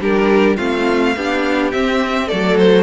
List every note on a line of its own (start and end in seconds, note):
0.00 0.58 G3
0.00 0.57 D4
0.00 0.57 G4
0.00 0.56 A#4
0.56 1.16 A3
0.56 1.15 C4
0.56 1.14 F4
0.56 1.70 F5
1.16 1.73 B3
1.16 1.72 D4
1.16 2.27 G4
1.71 2.27 C4
1.71 2.31 C4
1.71 2.28 E5
2.27 2.83 F#3
2.27 2.83 A3
2.27 2.83 A4
2.27 2.57 D5
2.57 2.83 C5